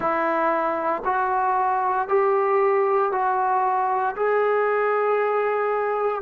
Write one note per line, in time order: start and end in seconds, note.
0.00 1.03 E4
1.04 2.08 F#4
2.08 3.11 G4
3.11 4.15 F#4
4.16 6.22 G#4